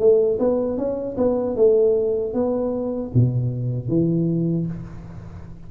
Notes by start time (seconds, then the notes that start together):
0.00 A3
0.39 B3
0.78 C#4
1.18 B3
1.57 A3
2.34 B3
3.15 B2
3.89 E3